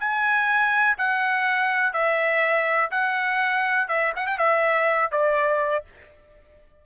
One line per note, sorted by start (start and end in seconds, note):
0.00 0.98 G#5
0.98 1.93 F#5
1.93 2.91 E5
2.91 3.88 F#5
3.88 4.13 E5
4.16 4.27 F#5
4.27 4.39 G5
4.39 5.12 E5
5.12 5.85 D5